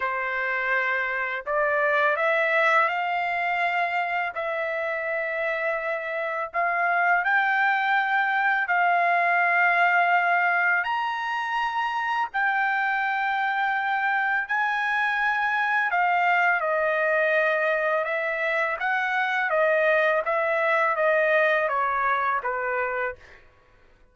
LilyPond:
\new Staff \with { instrumentName = "trumpet" } { \time 4/4 \tempo 4 = 83 c''2 d''4 e''4 | f''2 e''2~ | e''4 f''4 g''2 | f''2. ais''4~ |
ais''4 g''2. | gis''2 f''4 dis''4~ | dis''4 e''4 fis''4 dis''4 | e''4 dis''4 cis''4 b'4 | }